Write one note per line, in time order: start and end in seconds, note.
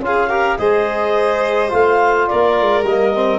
0.00 0.57 C#4
0.00 0.29 F4
0.00 0.58 F5
0.07 0.29 G#4
0.29 0.57 G4
0.29 0.58 A#4
0.58 1.72 G#3
0.58 1.69 G#4
0.58 2.29 C5
0.58 1.71 D#5
1.69 2.29 A3
1.69 2.82 F4
1.69 2.28 F5
2.28 2.60 A#3
2.28 3.39 A#4
2.28 2.84 D5
2.60 2.83 G#3
2.83 3.39 G3
2.83 3.14 A#3
2.83 3.39 D#5
3.14 3.39 C4